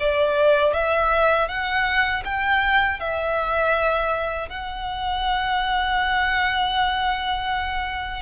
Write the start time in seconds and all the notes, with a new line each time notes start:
0.00 D5
0.74 E5
1.48 F#5
2.25 G5
3.00 E5
4.49 F#5